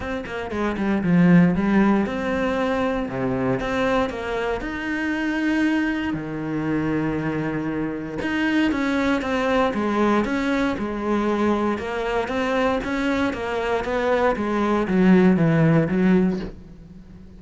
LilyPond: \new Staff \with { instrumentName = "cello" } { \time 4/4 \tempo 4 = 117 c'8 ais8 gis8 g8 f4 g4 | c'2 c4 c'4 | ais4 dis'2. | dis1 |
dis'4 cis'4 c'4 gis4 | cis'4 gis2 ais4 | c'4 cis'4 ais4 b4 | gis4 fis4 e4 fis4 | }